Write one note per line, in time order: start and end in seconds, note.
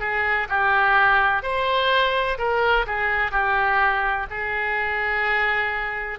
0.00 0.48 G#4
0.49 1.42 G4
1.42 2.38 C5
2.39 2.86 A#4
2.87 3.31 G#4
3.31 4.26 G4
4.30 6.19 G#4